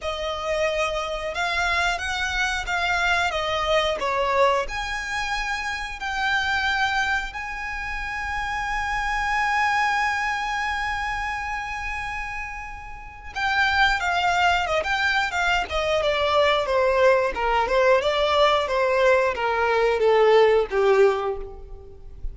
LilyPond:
\new Staff \with { instrumentName = "violin" } { \time 4/4 \tempo 4 = 90 dis''2 f''4 fis''4 | f''4 dis''4 cis''4 gis''4~ | gis''4 g''2 gis''4~ | gis''1~ |
gis''1 | g''4 f''4 dis''16 g''8. f''8 dis''8 | d''4 c''4 ais'8 c''8 d''4 | c''4 ais'4 a'4 g'4 | }